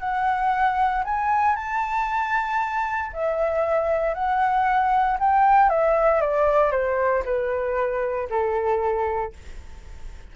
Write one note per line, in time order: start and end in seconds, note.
0.00 1.03 F#5
1.04 1.56 G#5
1.56 3.11 A5
3.13 4.14 E5
4.14 5.18 F#5
5.20 5.69 G5
5.69 6.21 E5
6.21 6.71 D5
6.71 7.23 C5
7.25 8.29 B4
8.30 9.33 A4